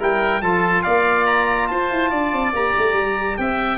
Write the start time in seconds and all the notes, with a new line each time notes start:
0.00 G3 E4 A#4 G5
0.42 F3 F4 A4 A5
0.83 A#3 D5 F5
1.26 A#5
1.68 F4 C5 A5
1.92 E4
2.11 D4 D5
2.33 C4
2.53 A#3 G4 A#5
2.78 A3
2.93 G3
3.38 C4 E5 G5